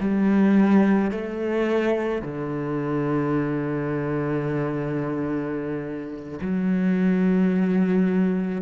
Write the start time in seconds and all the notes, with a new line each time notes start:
0.00 G3
1.11 A3
2.22 D3
6.41 F#3